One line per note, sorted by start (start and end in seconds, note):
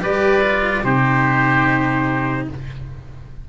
0.00 0.84 G3
0.00 0.41 G4
0.00 0.84 B4
0.00 0.84 D5
0.42 0.83 F4
0.83 2.48 C3
0.83 2.48 D#4
0.83 2.48 G4
0.83 2.48 C5